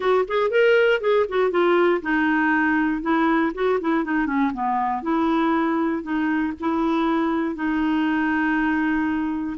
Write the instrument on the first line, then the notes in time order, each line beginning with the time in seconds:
clarinet
0.00 F#4
0.28 G#4
0.50 A#4
1.00 G#4
1.28 F#4
1.51 F4
2.02 D#4
3.02 E4
3.54 F#4
3.80 E4
4.04 D#4
4.26 C#4
4.53 B3
5.02 E4
6.03 D#4
6.59 E4
7.55 D#4